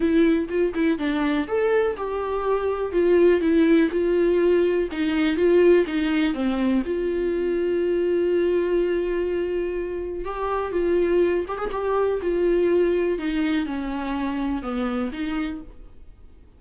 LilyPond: \new Staff \with { instrumentName = "viola" } { \time 4/4 \tempo 4 = 123 e'4 f'8 e'8 d'4 a'4 | g'2 f'4 e'4 | f'2 dis'4 f'4 | dis'4 c'4 f'2~ |
f'1~ | f'4 g'4 f'4. g'16 gis'16 | g'4 f'2 dis'4 | cis'2 b4 dis'4 | }